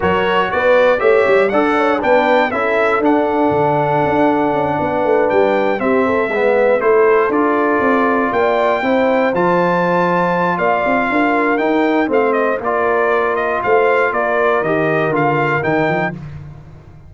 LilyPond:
<<
  \new Staff \with { instrumentName = "trumpet" } { \time 4/4 \tempo 4 = 119 cis''4 d''4 e''4 fis''4 | g''4 e''4 fis''2~ | fis''2~ fis''8 g''4 e''8~ | e''4. c''4 d''4.~ |
d''8 g''2 a''4.~ | a''4 f''2 g''4 | f''8 dis''8 d''4. dis''8 f''4 | d''4 dis''4 f''4 g''4 | }
  \new Staff \with { instrumentName = "horn" } { \time 4/4 ais'4 b'4 cis''4 d''8 cis''8 | b'4 a'2.~ | a'4. b'2 g'8 | a'8 b'4 a'2~ a'8~ |
a'8 d''4 c''2~ c''8~ | c''4 d''4 ais'2 | c''4 ais'2 c''4 | ais'1 | }
  \new Staff \with { instrumentName = "trombone" } { \time 4/4 fis'2 g'4 a'4 | d'4 e'4 d'2~ | d'2.~ d'8 c'8~ | c'8 b4 e'4 f'4.~ |
f'4. e'4 f'4.~ | f'2. dis'4 | c'4 f'2.~ | f'4 g'4 f'4 dis'4 | }
  \new Staff \with { instrumentName = "tuba" } { \time 4/4 fis4 b4 a8 g8 d'4 | b4 cis'4 d'4 d4 | d'4 cis'8 b8 a8 g4 c'8~ | c'8 gis4 a4 d'4 c'8~ |
c'8 ais4 c'4 f4.~ | f4 ais8 c'8 d'4 dis'4 | a4 ais2 a4 | ais4 dis4 d4 dis8 f8 | }
>>